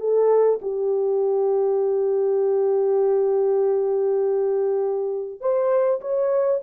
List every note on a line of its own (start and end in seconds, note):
0.00 0.60 A4
0.62 5.41 G4
5.41 6.01 C5
6.01 6.61 C#5